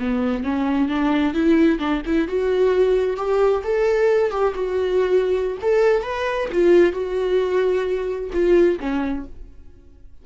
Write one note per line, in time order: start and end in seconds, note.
0.00 0.44 B3
0.44 0.89 C#4
0.89 1.34 D4
1.34 1.79 E4
1.79 2.02 D4
2.06 2.28 E4
2.28 3.17 F#4
3.17 3.63 G4
3.64 4.31 A4
4.31 4.54 G4
4.55 5.58 F#4
5.62 6.03 A4
6.03 6.49 B4
6.52 6.93 F4
6.93 8.30 F#4
8.33 8.79 F4
8.80 9.26 C#4